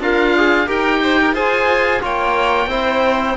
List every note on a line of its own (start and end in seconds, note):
0.00 0.67 D4
0.00 0.67 F4
0.00 0.36 A#4
0.00 0.70 F5
0.37 0.67 G#4
0.67 1.34 D#4
0.67 1.34 G4
0.67 1.00 A#4
0.67 1.36 G5
1.03 1.20 C5
1.21 1.34 A#4
1.34 2.01 F4
1.34 2.01 G#4
1.34 2.02 C5
1.34 2.03 G#5
2.01 2.67 A#3
2.01 2.68 F4
2.01 2.70 C#5
2.01 3.37 G5
2.67 3.34 C4
2.67 3.37 E4
2.67 3.37 C5